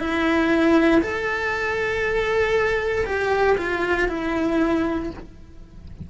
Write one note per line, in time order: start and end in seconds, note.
0.00 1.02 E4
1.02 3.06 A4
3.06 3.57 G4
3.58 4.09 F4
4.09 5.10 E4